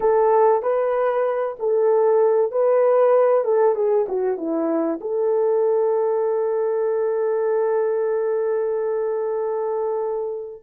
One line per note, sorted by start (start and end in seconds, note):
0.00 0.62 A4
0.62 1.56 B4
1.59 2.51 A4
2.51 3.44 B4
3.44 3.75 A4
3.75 4.06 G#4
4.08 4.37 F#4
4.37 4.99 E4
5.00 10.62 A4